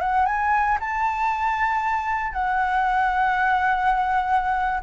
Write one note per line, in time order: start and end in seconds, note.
0.00 0.26 F#5
0.26 0.78 G#5
0.80 2.33 A5
2.33 4.80 F#5